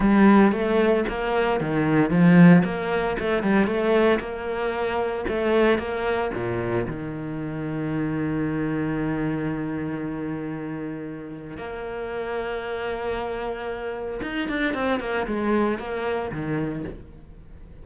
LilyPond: \new Staff \with { instrumentName = "cello" } { \time 4/4 \tempo 4 = 114 g4 a4 ais4 dis4 | f4 ais4 a8 g8 a4 | ais2 a4 ais4 | ais,4 dis2.~ |
dis1~ | dis2 ais2~ | ais2. dis'8 d'8 | c'8 ais8 gis4 ais4 dis4 | }